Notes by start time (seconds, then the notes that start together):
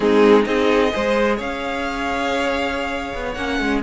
0.00 G#3 C4 D#4 G#4
0.42 C4 D#4 G#4 D#5
0.91 G#3 G#4 C5
1.35 C#4 C#5 F5
3.14 B3
3.33 A#3 C#4 F#5
3.59 G#3